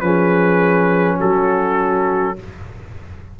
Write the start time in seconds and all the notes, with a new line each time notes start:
0.00 F3 C#4 G#4 B4
1.16 F#3 F#4 A4